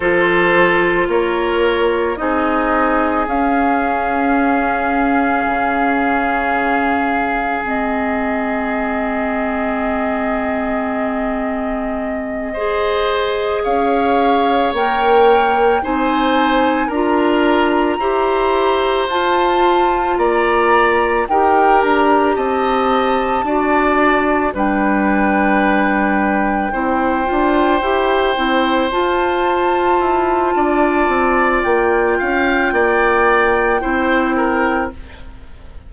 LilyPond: <<
  \new Staff \with { instrumentName = "flute" } { \time 4/4 \tempo 4 = 55 c''4 cis''4 dis''4 f''4~ | f''2. dis''4~ | dis''1~ | dis''8 f''4 g''4 gis''4 ais''8~ |
ais''4. a''4 ais''4 g''8 | ais''8 a''2 g''4.~ | g''2~ g''8 a''4.~ | a''4 g''2. | }
  \new Staff \with { instrumentName = "oboe" } { \time 4/4 a'4 ais'4 gis'2~ | gis'1~ | gis'2.~ gis'8 c''8~ | c''8 cis''2 c''4 ais'8~ |
ais'8 c''2 d''4 ais'8~ | ais'8 dis''4 d''4 b'4.~ | b'8 c''2.~ c''8 | d''4. f''8 d''4 c''8 ais'8 | }
  \new Staff \with { instrumentName = "clarinet" } { \time 4/4 f'2 dis'4 cis'4~ | cis'2. c'4~ | c'2.~ c'8 gis'8~ | gis'4. ais'4 dis'4 f'8~ |
f'8 g'4 f'2 g'8~ | g'4. fis'4 d'4.~ | d'8 e'8 f'8 g'8 e'8 f'4.~ | f'2. e'4 | }
  \new Staff \with { instrumentName = "bassoon" } { \time 4/4 f4 ais4 c'4 cis'4~ | cis'4 cis2 gis4~ | gis1~ | gis8 cis'4 ais4 c'4 d'8~ |
d'8 e'4 f'4 ais4 dis'8 | d'8 c'4 d'4 g4.~ | g8 c'8 d'8 e'8 c'8 f'4 e'8 | d'8 c'8 ais8 cis'8 ais4 c'4 | }
>>